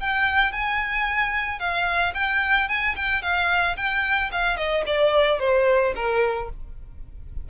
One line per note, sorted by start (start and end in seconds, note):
0.00 0.52 G5
0.52 1.59 G#5
1.59 2.13 F5
2.14 2.68 G5
2.68 2.95 G#5
2.96 3.22 G5
3.22 3.76 F5
3.77 4.31 G5
4.32 4.57 F5
4.57 4.84 D#5
4.86 5.39 D5
5.39 5.93 C5
5.95 6.49 A#4